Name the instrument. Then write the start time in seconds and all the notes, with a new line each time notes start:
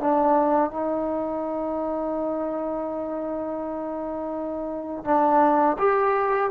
trombone
0.00 D4
0.71 D#4
5.05 D4
5.79 G4